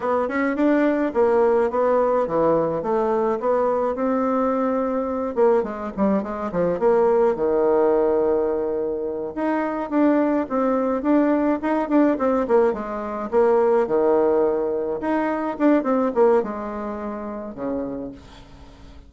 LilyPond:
\new Staff \with { instrumentName = "bassoon" } { \time 4/4 \tempo 4 = 106 b8 cis'8 d'4 ais4 b4 | e4 a4 b4 c'4~ | c'4. ais8 gis8 g8 gis8 f8 | ais4 dis2.~ |
dis8 dis'4 d'4 c'4 d'8~ | d'8 dis'8 d'8 c'8 ais8 gis4 ais8~ | ais8 dis2 dis'4 d'8 | c'8 ais8 gis2 cis4 | }